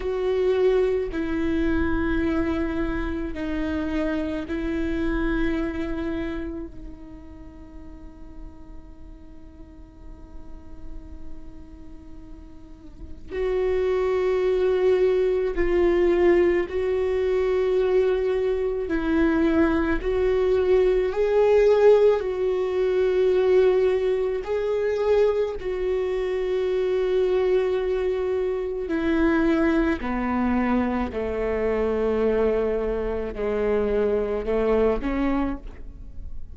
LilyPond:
\new Staff \with { instrumentName = "viola" } { \time 4/4 \tempo 4 = 54 fis'4 e'2 dis'4 | e'2 dis'2~ | dis'1 | fis'2 f'4 fis'4~ |
fis'4 e'4 fis'4 gis'4 | fis'2 gis'4 fis'4~ | fis'2 e'4 b4 | a2 gis4 a8 cis'8 | }